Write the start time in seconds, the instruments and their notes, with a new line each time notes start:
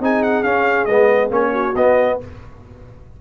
0.00 tuba C4, trombone D#4, horn G#4, trumpet G#5
0.23 trumpet F#5
0.43 tuba C#4, trombone C#4, trumpet F5
0.85 tuba G#3, trombone B3, trumpet D#5
1.30 tuba A#3, trombone C#4, trumpet C#5
1.51 horn F#4
1.75 tuba B3, trombone B3, trumpet D#5